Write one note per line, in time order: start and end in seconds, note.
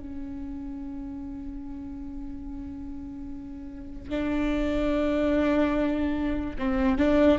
0.00 4.10 C#4
4.10 6.56 D4
6.59 6.99 C4
6.99 7.39 D4